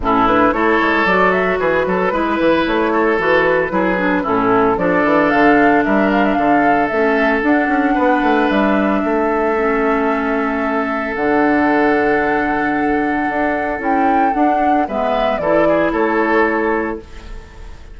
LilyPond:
<<
  \new Staff \with { instrumentName = "flute" } { \time 4/4 \tempo 4 = 113 a'8 b'8 cis''4 d''8 e''8 b'4~ | b'4 cis''4 b'2 | a'4 d''4 f''4 e''8 f''16 e''16 | f''4 e''4 fis''2 |
e''1~ | e''4 fis''2.~ | fis''2 g''4 fis''4 | e''4 d''4 cis''2 | }
  \new Staff \with { instrumentName = "oboe" } { \time 4/4 e'4 a'2 gis'8 a'8 | b'4. a'4. gis'4 | e'4 a'2 ais'4 | a'2. b'4~ |
b'4 a'2.~ | a'1~ | a'1 | b'4 a'8 gis'8 a'2 | }
  \new Staff \with { instrumentName = "clarinet" } { \time 4/4 cis'8 d'8 e'4 fis'2 | e'2 fis'4 e'8 d'8 | cis'4 d'2.~ | d'4 cis'4 d'2~ |
d'2 cis'2~ | cis'4 d'2.~ | d'2 e'4 d'4 | b4 e'2. | }
  \new Staff \with { instrumentName = "bassoon" } { \time 4/4 a,4 a8 gis8 fis4 e8 fis8 | gis8 e8 a4 e4 fis4 | a,4 f8 e8 d4 g4 | d4 a4 d'8 cis'8 b8 a8 |
g4 a2.~ | a4 d2.~ | d4 d'4 cis'4 d'4 | gis4 e4 a2 | }
>>